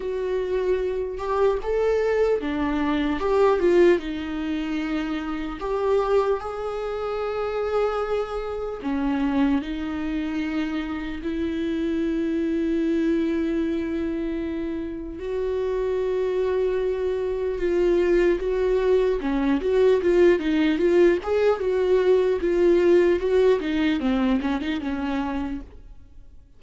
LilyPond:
\new Staff \with { instrumentName = "viola" } { \time 4/4 \tempo 4 = 75 fis'4. g'8 a'4 d'4 | g'8 f'8 dis'2 g'4 | gis'2. cis'4 | dis'2 e'2~ |
e'2. fis'4~ | fis'2 f'4 fis'4 | cis'8 fis'8 f'8 dis'8 f'8 gis'8 fis'4 | f'4 fis'8 dis'8 c'8 cis'16 dis'16 cis'4 | }